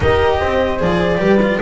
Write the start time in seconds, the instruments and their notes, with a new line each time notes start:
0.00 double bass D#4, cello G4, horn A#4, clarinet D#5
0.38 double bass C4, horn C5
0.79 double bass F3, cello G#4, clarinet D5
1.18 double bass G3, cello G4, horn B4
1.42 cello F4